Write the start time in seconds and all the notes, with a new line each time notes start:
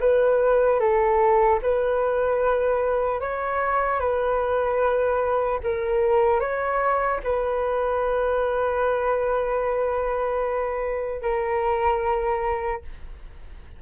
0.00 B4
0.79 A4
1.62 B4
3.20 C#5
4.00 B4
5.63 A#4
6.40 C#5
7.23 B4
11.21 A#4